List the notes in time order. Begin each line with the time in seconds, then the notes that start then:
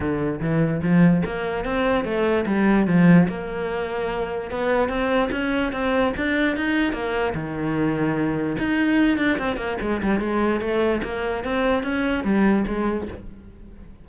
0.00 D3
0.40 E3
0.82 F3
1.25 A#3
1.64 C4
2.04 A3
2.45 G3
2.86 F3
3.28 A#3
4.50 B3
4.88 C4
5.31 C#4
5.72 C4
6.16 D4
6.56 D#4
6.92 A#3
7.34 D#3
8.58 D#4
9.17 D4
9.38 C4
9.57 A#3
9.81 G#3
10.02 G3
10.20 G#3
10.60 A3
11.03 A#3
11.44 C4
11.83 C#4
12.24 G3
12.67 G#3